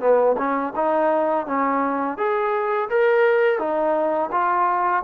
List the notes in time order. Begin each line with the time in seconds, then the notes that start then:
0.00 B3
0.37 C#4
0.75 D#4
1.46 C#4
2.18 G#4
2.89 A#4
3.59 D#4
4.32 F4